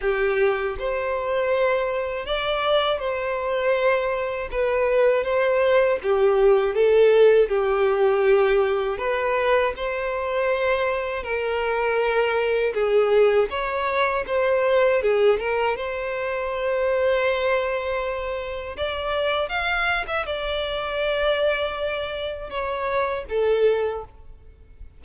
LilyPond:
\new Staff \with { instrumentName = "violin" } { \time 4/4 \tempo 4 = 80 g'4 c''2 d''4 | c''2 b'4 c''4 | g'4 a'4 g'2 | b'4 c''2 ais'4~ |
ais'4 gis'4 cis''4 c''4 | gis'8 ais'8 c''2.~ | c''4 d''4 f''8. e''16 d''4~ | d''2 cis''4 a'4 | }